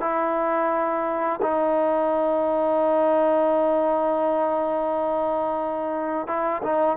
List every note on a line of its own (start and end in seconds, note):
0.00 1.40 E4
1.41 6.27 D#4
6.27 6.62 E4
6.62 6.97 D#4